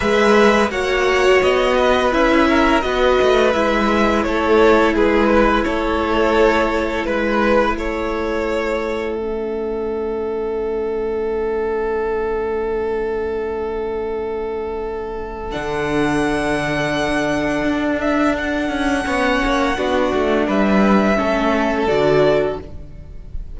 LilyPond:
<<
  \new Staff \with { instrumentName = "violin" } { \time 4/4 \tempo 4 = 85 e''4 fis''4 dis''4 e''4 | dis''4 e''4 cis''4 b'4 | cis''2 b'4 cis''4~ | cis''4 e''2.~ |
e''1~ | e''2 fis''2~ | fis''4. e''8 fis''2~ | fis''4 e''2 d''4 | }
  \new Staff \with { instrumentName = "violin" } { \time 4/4 b'4 cis''4. b'4 ais'8 | b'2 a'4 gis'8 b'8 | a'2 b'4 a'4~ | a'1~ |
a'1~ | a'1~ | a'2. cis''4 | fis'4 b'4 a'2 | }
  \new Staff \with { instrumentName = "viola" } { \time 4/4 gis'4 fis'2 e'4 | fis'4 e'2.~ | e'1~ | e'4 cis'2.~ |
cis'1~ | cis'2 d'2~ | d'2. cis'4 | d'2 cis'4 fis'4 | }
  \new Staff \with { instrumentName = "cello" } { \time 4/4 gis4 ais4 b4 cis'4 | b8 a8 gis4 a4 gis4 | a2 gis4 a4~ | a1~ |
a1~ | a2 d2~ | d4 d'4. cis'8 b8 ais8 | b8 a8 g4 a4 d4 | }
>>